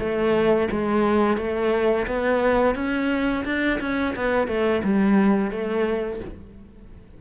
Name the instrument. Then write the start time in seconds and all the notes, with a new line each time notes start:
cello
0.00 A3
0.71 G#3
1.38 A3
2.07 B3
2.76 C#4
3.45 D4
3.81 C#4
4.16 B3
4.48 A3
4.84 G3
5.51 A3